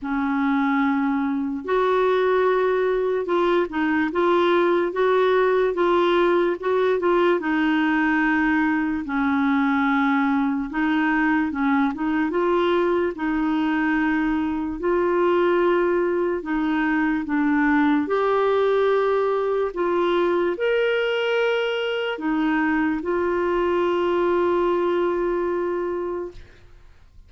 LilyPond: \new Staff \with { instrumentName = "clarinet" } { \time 4/4 \tempo 4 = 73 cis'2 fis'2 | f'8 dis'8 f'4 fis'4 f'4 | fis'8 f'8 dis'2 cis'4~ | cis'4 dis'4 cis'8 dis'8 f'4 |
dis'2 f'2 | dis'4 d'4 g'2 | f'4 ais'2 dis'4 | f'1 | }